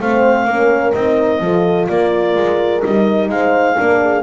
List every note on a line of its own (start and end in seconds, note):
0.00 0.45 A3
0.00 0.48 C4
0.00 0.47 C5
0.00 0.92 F5
0.45 0.92 A#3
0.45 0.95 C#4
0.45 1.42 A#4
0.92 1.40 C4
0.92 1.41 D#4
0.92 1.87 D#5
1.40 1.87 F3
1.40 2.83 F4
1.40 1.89 A4
1.88 2.35 A#3
1.88 3.31 A#4
1.88 2.82 D5
2.35 2.83 G#3
2.84 3.29 G3
2.84 3.76 D#4
2.84 3.30 D#5
3.29 3.76 G#3
3.29 3.76 C5
3.29 4.23 F5
3.76 4.23 A#3
3.76 4.23 D4
3.76 4.00 A#4
4.00 4.23 G#4